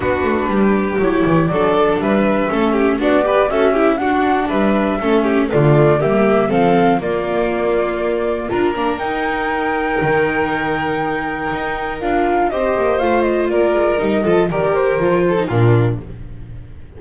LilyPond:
<<
  \new Staff \with { instrumentName = "flute" } { \time 4/4 \tempo 4 = 120 b'2 cis''4 d''4 | e''2 d''4 e''4 | fis''4 e''2 d''4 | e''4 f''4 d''2~ |
d''4 ais''4 g''2~ | g''1 | f''4 dis''4 f''8 dis''8 d''4 | dis''4 d''8 c''4. ais'4 | }
  \new Staff \with { instrumentName = "violin" } { \time 4/4 fis'4 g'2 a'4 | b'4 a'8 g'8 fis'8 b'8 a'8 g'8 | fis'4 b'4 a'8 g'8 f'4 | g'4 a'4 f'2~ |
f'4 ais'2.~ | ais'1~ | ais'4 c''2 ais'4~ | ais'8 a'8 ais'4. a'8 f'4 | }
  \new Staff \with { instrumentName = "viola" } { \time 4/4 d'2 e'4 d'4~ | d'4 cis'4 d'8 g'8 fis'8 e'8 | d'2 cis'4 a4 | ais4 c'4 ais2~ |
ais4 f'8 d'8 dis'2~ | dis'1 | f'4 g'4 f'2 | dis'8 f'8 g'4 f'8. dis'16 d'4 | }
  \new Staff \with { instrumentName = "double bass" } { \time 4/4 b8 a8 g4 fis8 e8 fis4 | g4 a4 b4 cis'4 | d'4 g4 a4 d4 | g4 f4 ais2~ |
ais4 d'8 ais8 dis'2 | dis2. dis'4 | d'4 c'8 ais8 a4 ais8 gis8 | g8 f8 dis4 f4 ais,4 | }
>>